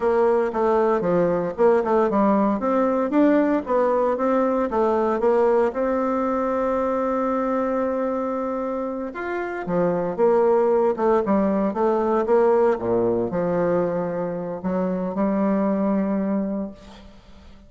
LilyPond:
\new Staff \with { instrumentName = "bassoon" } { \time 4/4 \tempo 4 = 115 ais4 a4 f4 ais8 a8 | g4 c'4 d'4 b4 | c'4 a4 ais4 c'4~ | c'1~ |
c'4. f'4 f4 ais8~ | ais4 a8 g4 a4 ais8~ | ais8 ais,4 f2~ f8 | fis4 g2. | }